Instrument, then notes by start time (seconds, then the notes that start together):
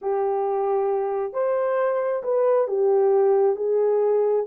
horn
0.01 G4
1.33 C5
2.23 B4
2.67 G4
3.56 G#4